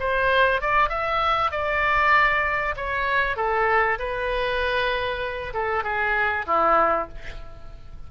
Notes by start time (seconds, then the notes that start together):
0.00 C5
0.62 D5
0.89 E5
1.52 D5
2.77 C#5
3.37 A4
3.99 B4
5.54 A4
5.84 G#4
6.47 E4